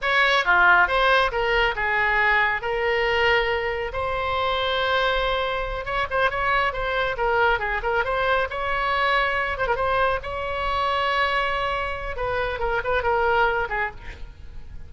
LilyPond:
\new Staff \with { instrumentName = "oboe" } { \time 4/4 \tempo 4 = 138 cis''4 f'4 c''4 ais'4 | gis'2 ais'2~ | ais'4 c''2.~ | c''4. cis''8 c''8 cis''4 c''8~ |
c''8 ais'4 gis'8 ais'8 c''4 cis''8~ | cis''2 c''16 ais'16 c''4 cis''8~ | cis''1 | b'4 ais'8 b'8 ais'4. gis'8 | }